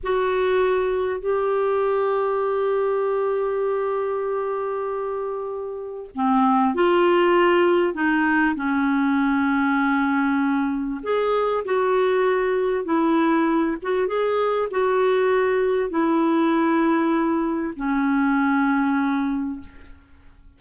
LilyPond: \new Staff \with { instrumentName = "clarinet" } { \time 4/4 \tempo 4 = 98 fis'2 g'2~ | g'1~ | g'2 c'4 f'4~ | f'4 dis'4 cis'2~ |
cis'2 gis'4 fis'4~ | fis'4 e'4. fis'8 gis'4 | fis'2 e'2~ | e'4 cis'2. | }